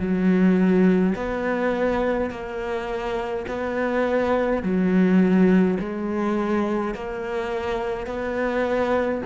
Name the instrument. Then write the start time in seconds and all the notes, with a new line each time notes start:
cello
0.00 F#3
1.16 B3
2.31 A#3
3.48 B3
4.63 F#3
5.80 G#3
6.94 A#3
8.07 B3